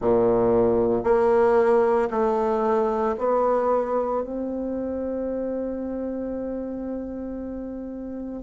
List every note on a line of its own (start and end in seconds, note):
0.00 1.03 A#2
1.03 2.09 A#3
2.10 3.15 A3
3.18 4.23 B3
4.23 8.42 C4